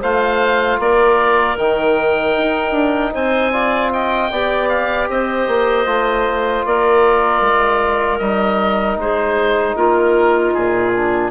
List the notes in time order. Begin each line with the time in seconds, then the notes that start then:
0.00 A3 F4 C5 F5
0.79 A#3 A#4 D5
1.58 D#3 D#4 G5
2.37 D#4
2.72 D4
3.13 C4 C5 G#5
3.53 F4 D5
3.93 D#5 G5
4.31 B3 G4 D5
4.69 F5
5.09 C4 C5 D#5
5.48 A#3
5.86 A3 F4
6.66 A#3 A#4 D5
7.42 G#3
8.19 G3 D#4 D#5
8.97 G#3 G#4 C5
9.76 A#3 F4 A#4
10.54 A#2 G#4
10.94 D4